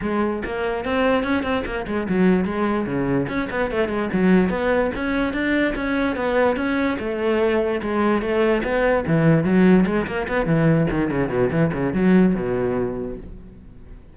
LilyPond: \new Staff \with { instrumentName = "cello" } { \time 4/4 \tempo 4 = 146 gis4 ais4 c'4 cis'8 c'8 | ais8 gis8 fis4 gis4 cis4 | cis'8 b8 a8 gis8 fis4 b4 | cis'4 d'4 cis'4 b4 |
cis'4 a2 gis4 | a4 b4 e4 fis4 | gis8 ais8 b8 e4 dis8 cis8 b,8 | e8 cis8 fis4 b,2 | }